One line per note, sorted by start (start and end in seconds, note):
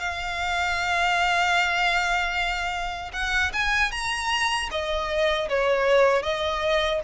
0.00 3.12 F5
3.13 3.52 F#5
3.53 3.92 G#5
3.92 4.70 A#5
4.71 5.49 D#5
5.49 6.23 C#5
6.23 7.01 D#5